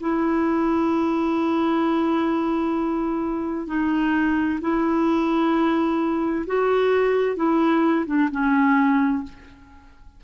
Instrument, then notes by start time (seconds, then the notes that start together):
clarinet
0.00 E4
3.67 D#4
4.61 E4
6.46 F#4
7.36 E4
8.06 D4
8.31 C#4